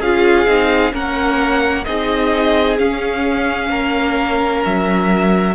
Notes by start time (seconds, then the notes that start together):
0.00 C#4 F4 G#4 F5
0.47 C4 D#4
0.92 A#3 C#4 A#4 F#5
1.85 C4 D#4 G#4 D#5
2.78 C#4 F5
3.70 A#3 A#4
4.65 F#3 E5